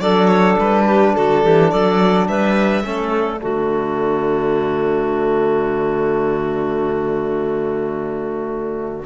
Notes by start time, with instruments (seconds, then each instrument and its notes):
0.00 cello F#3, trombone D4, clarinet A4, violin D5
0.28 violin C#5
0.59 cello G3, violin B4
0.85 clarinet G4
1.15 cello D3, clarinet F#4, violin A4
1.43 cello E3, clarinet G4
1.70 cello F#3, clarinet A4, violin D5
2.28 cello G3, clarinet B4, violin E5
2.83 cello A3, trombone C#4, clarinet A4
3.12 violin D5
3.38 cello D3, trombone A3, clarinet F#4